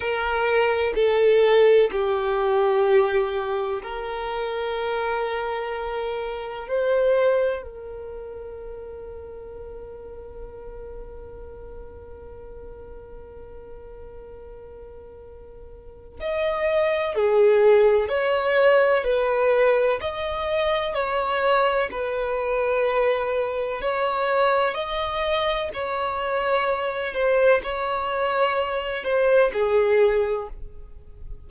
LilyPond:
\new Staff \with { instrumentName = "violin" } { \time 4/4 \tempo 4 = 63 ais'4 a'4 g'2 | ais'2. c''4 | ais'1~ | ais'1~ |
ais'4 dis''4 gis'4 cis''4 | b'4 dis''4 cis''4 b'4~ | b'4 cis''4 dis''4 cis''4~ | cis''8 c''8 cis''4. c''8 gis'4 | }